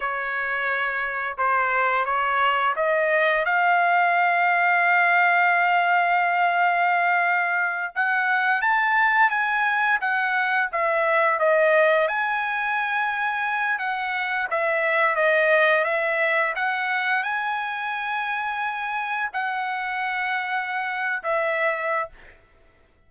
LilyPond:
\new Staff \with { instrumentName = "trumpet" } { \time 4/4 \tempo 4 = 87 cis''2 c''4 cis''4 | dis''4 f''2.~ | f''2.~ f''8 fis''8~ | fis''8 a''4 gis''4 fis''4 e''8~ |
e''8 dis''4 gis''2~ gis''8 | fis''4 e''4 dis''4 e''4 | fis''4 gis''2. | fis''2~ fis''8. e''4~ e''16 | }